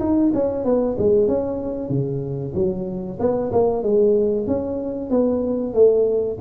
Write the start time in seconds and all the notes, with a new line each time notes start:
0.00 D#4
0.34 C#4
0.65 B3
0.98 G#3
1.28 C#4
1.89 C#3
2.55 F#3
3.20 B3
3.52 A#3
3.83 G#3
4.47 C#4
5.10 B3
5.74 A3